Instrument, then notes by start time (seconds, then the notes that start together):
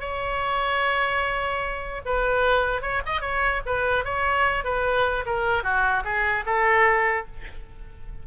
oboe
0.00 C#5
2.05 B4
2.82 C#5
3.05 D#5
3.21 C#5
3.65 B4
4.04 C#5
4.64 B4
5.26 A#4
5.63 F#4
6.04 G#4
6.45 A4